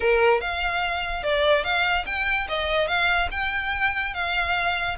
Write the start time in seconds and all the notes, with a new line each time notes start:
0.00 A#4
0.40 F5
1.23 D5
1.63 F5
2.06 G5
2.48 D#5
2.87 F5
3.31 G5
4.13 F5